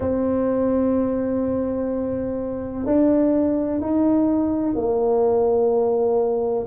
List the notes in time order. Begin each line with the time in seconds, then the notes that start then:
0.00 C4
2.85 D4
3.80 D#4
4.75 A#3